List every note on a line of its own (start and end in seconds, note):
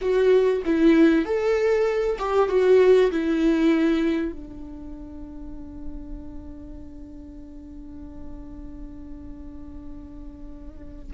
0.01 0.62 F#4
0.65 1.25 E4
1.25 2.17 A4
2.18 2.49 G4
2.49 3.10 F#4
3.11 4.32 E4
4.32 11.12 D4